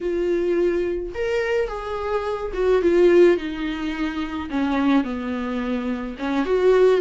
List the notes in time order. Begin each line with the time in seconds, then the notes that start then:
0.00 F4
1.14 A#4
1.68 G#4
2.53 F#4
2.81 F4
3.37 D#4
4.50 C#4
5.04 B3
6.19 C#4
6.45 F#4